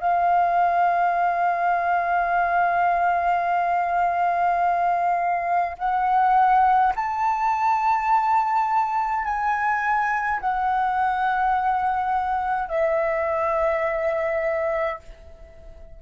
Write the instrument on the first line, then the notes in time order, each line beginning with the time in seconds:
flute
0.00 F5
5.78 F#5
6.95 A5
9.25 G#5
10.41 F#5
12.69 E5